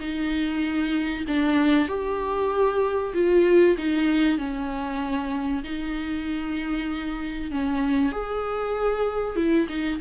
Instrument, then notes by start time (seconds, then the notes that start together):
viola
0.00 D#4
1.28 D4
1.88 G4
3.14 F4
3.78 D#4
4.38 C#4
5.64 D#4
7.51 C#4
8.12 G#4
9.36 E4
9.69 D#4